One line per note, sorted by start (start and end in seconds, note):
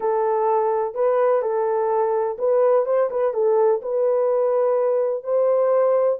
0.00 0.94 A4
0.94 1.42 B4
1.42 2.37 A4
2.38 2.85 B4
2.85 3.09 C5
3.10 3.33 B4
3.33 3.81 A4
3.82 5.23 B4
5.23 6.18 C5